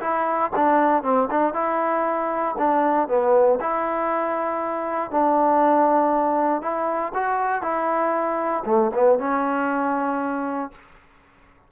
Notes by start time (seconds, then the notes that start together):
0.00 E4
0.56 D4
1.03 C4
1.30 D4
1.54 E4
2.58 D4
3.08 B3
3.60 E4
5.11 D4
6.61 E4
7.14 F#4
7.62 E4
8.65 A3
8.94 B3
9.19 C#4